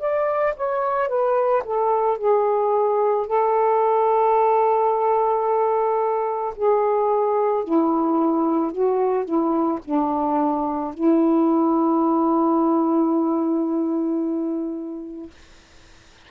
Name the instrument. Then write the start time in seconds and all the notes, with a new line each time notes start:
saxophone
0.00 D5
0.57 C#5
1.09 B4
1.65 A4
2.18 G#4
3.27 A4
6.56 G#4
7.64 E4
8.72 F#4
9.25 E4
9.85 D4
10.94 E4